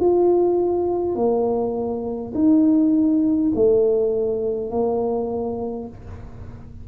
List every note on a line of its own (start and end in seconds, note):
0.00 1.16 F4
1.16 2.33 A#3
2.34 3.52 D#4
3.55 4.71 A3
4.71 5.88 A#3